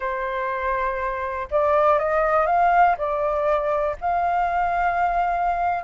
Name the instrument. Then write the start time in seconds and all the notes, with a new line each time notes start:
flute
0.00 C5
1.50 D5
1.98 D#5
2.46 F5
2.97 D5
4.00 F5